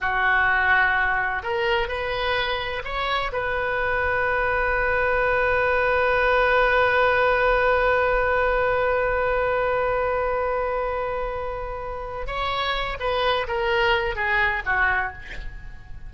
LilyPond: \new Staff \with { instrumentName = "oboe" } { \time 4/4 \tempo 4 = 127 fis'2. ais'4 | b'2 cis''4 b'4~ | b'1~ | b'1~ |
b'1~ | b'1~ | b'2 cis''4. b'8~ | b'8 ais'4. gis'4 fis'4 | }